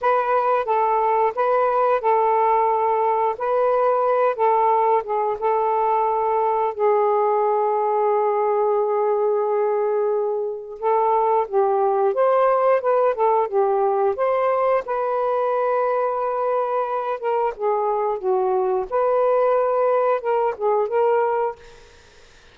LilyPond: \new Staff \with { instrumentName = "saxophone" } { \time 4/4 \tempo 4 = 89 b'4 a'4 b'4 a'4~ | a'4 b'4. a'4 gis'8 | a'2 gis'2~ | gis'1 |
a'4 g'4 c''4 b'8 a'8 | g'4 c''4 b'2~ | b'4. ais'8 gis'4 fis'4 | b'2 ais'8 gis'8 ais'4 | }